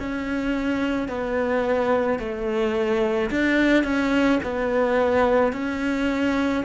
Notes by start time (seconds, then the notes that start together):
0.00 C#4
1.09 B3
2.19 A3
3.31 D4
3.84 C#4
4.43 B3
5.53 C#4